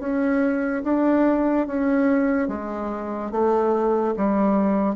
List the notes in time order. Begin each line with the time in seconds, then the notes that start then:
0.00 C#4
0.84 D4
1.67 C#4
2.48 G#3
3.31 A3
4.17 G3